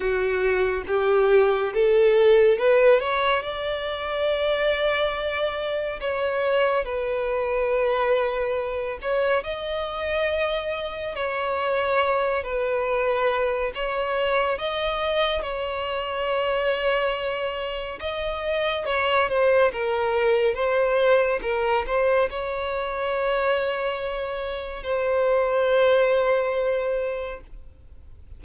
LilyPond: \new Staff \with { instrumentName = "violin" } { \time 4/4 \tempo 4 = 70 fis'4 g'4 a'4 b'8 cis''8 | d''2. cis''4 | b'2~ b'8 cis''8 dis''4~ | dis''4 cis''4. b'4. |
cis''4 dis''4 cis''2~ | cis''4 dis''4 cis''8 c''8 ais'4 | c''4 ais'8 c''8 cis''2~ | cis''4 c''2. | }